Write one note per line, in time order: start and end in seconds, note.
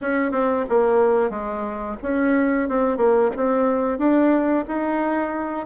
0.01 0.32 C#4
0.32 0.65 C4
0.68 1.29 A#3
1.29 1.96 G#3
2.02 2.68 C#4
2.68 2.97 C4
2.97 3.30 A#3
3.36 3.98 C4
3.98 4.65 D4
4.67 5.66 D#4